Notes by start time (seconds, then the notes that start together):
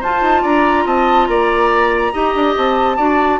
0.00 F4 C5 A5
0.21 D#4
0.42 D4 D5 A#5
0.85 C4 D#5 A5
1.27 A#3 D5 A#5
2.13 D#4 G4 D#5
2.35 D4
2.57 C4 A5
2.97 D4 F#4 D5